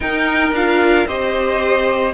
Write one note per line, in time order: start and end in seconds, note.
0.00 0.52 D#4
0.00 0.54 D#4
0.00 1.06 A#4
0.00 0.54 G5
0.52 1.05 D4
0.52 1.08 F4
0.52 1.07 F5
1.06 2.13 C4
1.06 2.13 G4
1.06 2.13 C5
1.06 2.13 D#5